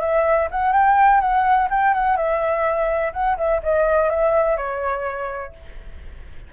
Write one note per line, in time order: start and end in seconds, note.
0.00 0.48 E5
0.51 0.73 F#5
0.73 1.20 G5
1.20 1.68 F#5
1.70 1.94 G5
1.94 2.16 F#5
2.16 3.12 E5
3.13 3.37 F#5
3.37 3.61 E5
3.63 4.09 D#5
4.09 4.57 E5
4.57 5.53 C#5